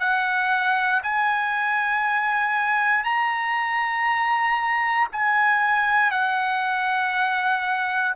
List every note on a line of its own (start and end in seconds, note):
0.00 1.02 F#5
1.03 3.04 G#5
3.04 5.08 A#5
5.12 6.11 G#5
6.11 8.14 F#5